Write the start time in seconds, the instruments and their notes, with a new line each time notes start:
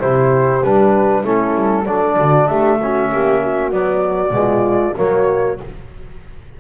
0.00 double bass C3, trombone E4, horn G4, flute C5
0.63 double bass G3, trombone D4, flute B4
1.23 double bass A3, trombone C#4, horn E4, flute A4
1.55 double bass G3
1.86 double bass F#3, trombone D4, horn A4, flute D5
2.18 double bass D3, horn F#4
2.47 double bass A3, horn G4, flute E5
2.80 trombone C#4, horn F#4
3.12 double bass A#3, horn G4
3.42 horn F#4
3.72 trombone F#3, double bass B3, flute D5
4.31 double bass B2, trombone G#3, horn F4
4.96 double bass F#3, trombone A#3, horn F#4, flute C#5